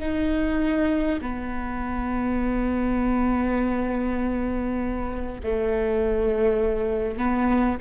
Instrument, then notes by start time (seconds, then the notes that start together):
viola
0.00 D#4
1.21 B3
5.43 A3
7.18 B3